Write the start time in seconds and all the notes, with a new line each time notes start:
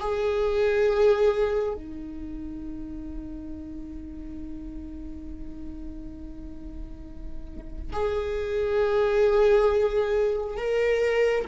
0.00 G#4
1.74 D#4
7.93 G#4
10.57 A#4